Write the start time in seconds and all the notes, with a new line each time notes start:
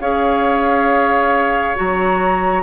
0.00 C#4 G#4 C#5 F5
1.75 F#3 F#4 A#5